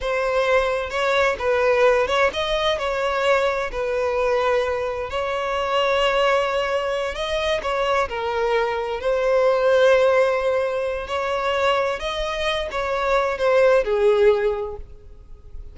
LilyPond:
\new Staff \with { instrumentName = "violin" } { \time 4/4 \tempo 4 = 130 c''2 cis''4 b'4~ | b'8 cis''8 dis''4 cis''2 | b'2. cis''4~ | cis''2.~ cis''8 dis''8~ |
dis''8 cis''4 ais'2 c''8~ | c''1 | cis''2 dis''4. cis''8~ | cis''4 c''4 gis'2 | }